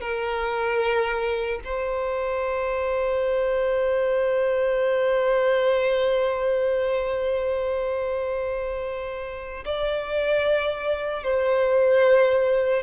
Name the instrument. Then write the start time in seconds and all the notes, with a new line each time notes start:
violin
0.00 A#4
1.64 C5
9.64 D5
11.24 C5